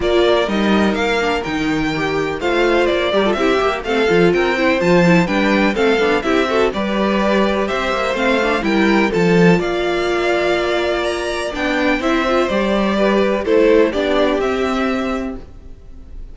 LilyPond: <<
  \new Staff \with { instrumentName = "violin" } { \time 4/4 \tempo 4 = 125 d''4 dis''4 f''4 g''4~ | g''4 f''4 d''4 e''4 | f''4 g''4 a''4 g''4 | f''4 e''4 d''2 |
e''4 f''4 g''4 a''4 | f''2. ais''4 | g''4 e''4 d''2 | c''4 d''4 e''2 | }
  \new Staff \with { instrumentName = "violin" } { \time 4/4 ais'1~ | ais'4 c''4. ais'16 a'16 g'4 | a'4 ais'8 c''4. b'4 | a'4 g'8 a'8 b'2 |
c''2 ais'4 a'4 | d''1~ | d''4 c''2 b'4 | a'4 g'2. | }
  \new Staff \with { instrumentName = "viola" } { \time 4/4 f'4 dis'4. d'8 dis'4 | g'4 f'4. g'16 f'16 e'8 g'8 | c'8 f'4 e'8 f'8 e'8 d'4 | c'8 d'8 e'8 fis'8 g'2~ |
g'4 c'8 d'8 e'4 f'4~ | f'1 | d'4 e'8 f'8 g'2 | e'4 d'4 c'2 | }
  \new Staff \with { instrumentName = "cello" } { \time 4/4 ais4 g4 ais4 dis4~ | dis4 a4 ais8 g8 c'8 ais8 | a8 f8 c'4 f4 g4 | a8 b8 c'4 g2 |
c'8 ais8 a4 g4 f4 | ais1 | b4 c'4 g2 | a4 b4 c'2 | }
>>